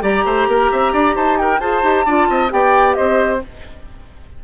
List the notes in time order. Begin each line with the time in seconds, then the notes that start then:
0.00 G3 G4 D5 A#5
0.25 A3 C5
0.47 A#3 A#4
0.71 C4 E5
0.92 D4 D5
1.15 D#4 C5 A5
1.37 A#4 G5
1.59 F4 G#4 C5 A5
1.82 D#4 G4
2.05 D4 F4 D5
2.29 C4 D#5
2.49 B3 G4 D5 G5
2.94 C4 C5 D#5